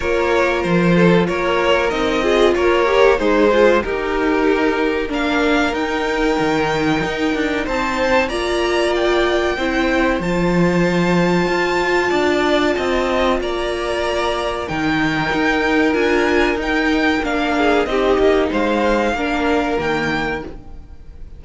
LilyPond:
<<
  \new Staff \with { instrumentName = "violin" } { \time 4/4 \tempo 4 = 94 cis''4 c''4 cis''4 dis''4 | cis''4 c''4 ais'2 | f''4 g''2. | a''4 ais''4 g''2 |
a''1~ | a''4 ais''2 g''4~ | g''4 gis''4 g''4 f''4 | dis''4 f''2 g''4 | }
  \new Staff \with { instrumentName = "violin" } { \time 4/4 ais'4. a'8 ais'4. gis'8 | ais'4 dis'8 f'8 g'2 | ais'1 | c''4 d''2 c''4~ |
c''2. d''4 | dis''4 d''2 ais'4~ | ais'2.~ ais'8 gis'8 | g'4 c''4 ais'2 | }
  \new Staff \with { instrumentName = "viola" } { \time 4/4 f'2. dis'8 f'8~ | f'8 g'8 gis'4 dis'2 | d'4 dis'2.~ | dis'4 f'2 e'4 |
f'1~ | f'2. dis'4~ | dis'4 f'4 dis'4 d'4 | dis'2 d'4 ais4 | }
  \new Staff \with { instrumentName = "cello" } { \time 4/4 ais4 f4 ais4 c'4 | ais4 gis4 dis'2 | ais4 dis'4 dis4 dis'8 d'8 | c'4 ais2 c'4 |
f2 f'4 d'4 | c'4 ais2 dis4 | dis'4 d'4 dis'4 ais4 | c'8 ais8 gis4 ais4 dis4 | }
>>